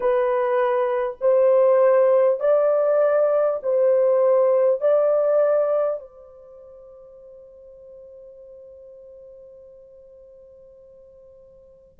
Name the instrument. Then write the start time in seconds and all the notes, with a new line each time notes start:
horn
0.00 B4
1.20 C5
2.39 D5
3.62 C5
4.80 D5
6.00 C5